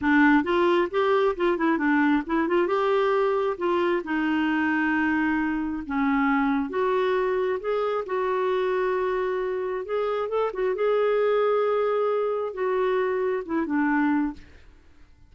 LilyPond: \new Staff \with { instrumentName = "clarinet" } { \time 4/4 \tempo 4 = 134 d'4 f'4 g'4 f'8 e'8 | d'4 e'8 f'8 g'2 | f'4 dis'2.~ | dis'4 cis'2 fis'4~ |
fis'4 gis'4 fis'2~ | fis'2 gis'4 a'8 fis'8 | gis'1 | fis'2 e'8 d'4. | }